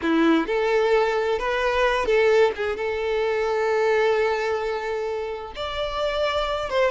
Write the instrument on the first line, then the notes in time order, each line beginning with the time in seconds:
violin
0.02 E4
0.46 A4
1.38 B4
2.05 A4
2.55 G#4
2.76 A4
5.55 D5
6.69 C5